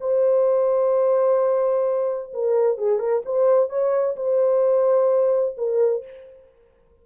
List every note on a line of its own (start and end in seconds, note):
0.00 2.33 C5
2.33 2.77 A#4
2.77 2.99 G#4
2.99 3.22 A#4
3.25 3.69 C5
3.69 4.16 C#5
4.16 5.55 C5
5.57 6.03 A#4